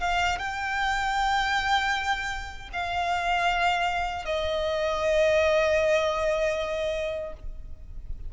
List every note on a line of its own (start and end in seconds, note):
0.00 0.38 F5
0.38 2.69 G5
2.72 4.25 F5
4.25 7.33 D#5